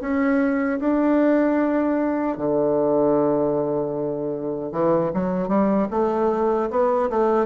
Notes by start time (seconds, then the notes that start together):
0.00 C#4
0.80 D4
2.37 D3
4.72 E3
5.13 F#3
5.48 G3
5.90 A3
6.70 B3
7.09 A3